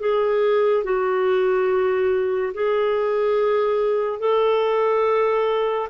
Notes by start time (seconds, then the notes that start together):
0.00 G#4
0.84 F#4
2.54 G#4
4.19 A4